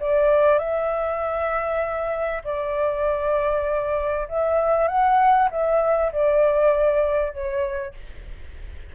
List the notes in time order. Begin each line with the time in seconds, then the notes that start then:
0.00 D5
0.59 E5
2.44 D5
4.28 E5
4.88 F#5
5.51 E5
6.13 D5
7.33 C#5